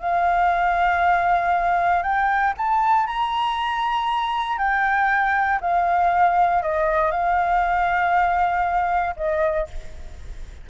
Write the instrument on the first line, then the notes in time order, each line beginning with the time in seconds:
flute
0.00 F5
2.03 G5
2.58 A5
3.07 A#5
4.58 G5
5.61 F5
6.63 D#5
7.12 F5
9.17 D#5